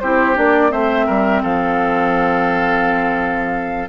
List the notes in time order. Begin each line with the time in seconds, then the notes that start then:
0.00 C4 E4 G4 C5
0.35 A#3 D4 D5
0.69 A3 C4 C5 E5
1.06 G3 A#4
1.42 F3 A4 F5